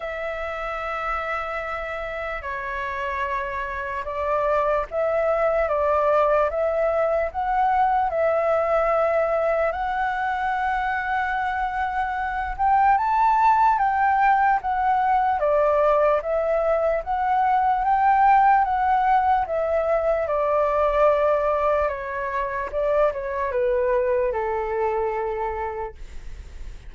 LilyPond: \new Staff \with { instrumentName = "flute" } { \time 4/4 \tempo 4 = 74 e''2. cis''4~ | cis''4 d''4 e''4 d''4 | e''4 fis''4 e''2 | fis''2.~ fis''8 g''8 |
a''4 g''4 fis''4 d''4 | e''4 fis''4 g''4 fis''4 | e''4 d''2 cis''4 | d''8 cis''8 b'4 a'2 | }